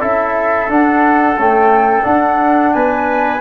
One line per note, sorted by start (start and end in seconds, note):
0.00 0.70 C#4
0.00 0.68 E4
0.00 2.73 A4
0.00 0.70 E5
0.69 1.37 D4
0.69 1.39 F#5
1.37 2.03 A3
1.37 2.05 C#4
1.37 2.05 G5
2.03 3.39 D4
2.03 2.74 D4
2.03 2.73 F#5
2.73 3.41 B3
2.73 3.41 B4
2.73 3.41 G#5